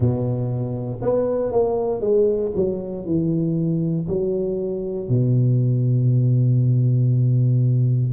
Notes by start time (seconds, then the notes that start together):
0.00 B2
1.01 B3
1.52 A#3
2.01 G#3
2.55 F#3
3.05 E3
4.08 F#3
5.08 B2